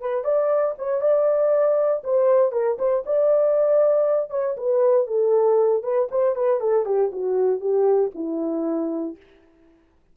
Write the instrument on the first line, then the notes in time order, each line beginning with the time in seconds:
horn
0.00 B4
0.24 D5
0.78 C#5
1.01 D5
2.03 C5
2.51 A#4
2.78 C5
3.06 D5
4.30 C#5
4.56 B4
5.07 A4
5.83 B4
6.11 C5
6.35 B4
6.60 A4
6.85 G4
7.12 F#4
7.60 G4
8.14 E4